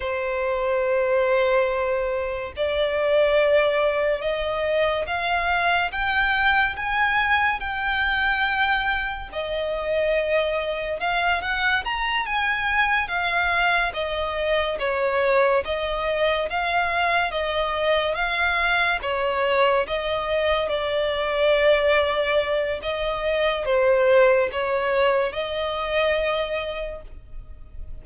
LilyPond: \new Staff \with { instrumentName = "violin" } { \time 4/4 \tempo 4 = 71 c''2. d''4~ | d''4 dis''4 f''4 g''4 | gis''4 g''2 dis''4~ | dis''4 f''8 fis''8 ais''8 gis''4 f''8~ |
f''8 dis''4 cis''4 dis''4 f''8~ | f''8 dis''4 f''4 cis''4 dis''8~ | dis''8 d''2~ d''8 dis''4 | c''4 cis''4 dis''2 | }